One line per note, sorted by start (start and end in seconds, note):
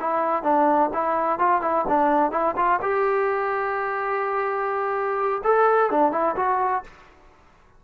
0.00 0.43 E4
0.43 0.90 D4
0.93 1.39 E4
1.39 1.61 F4
1.61 1.85 E4
1.88 2.31 D4
2.31 2.55 E4
2.56 2.80 F4
2.82 5.42 G4
5.44 5.91 A4
5.91 6.12 D4
6.12 6.35 E4
6.36 6.83 F#4